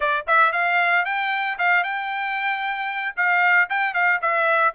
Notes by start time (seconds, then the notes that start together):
0.00 D5
0.27 E5
0.52 F5
1.05 G5
1.58 F5
1.83 G5
3.16 F5
3.69 G5
3.94 F5
4.21 E5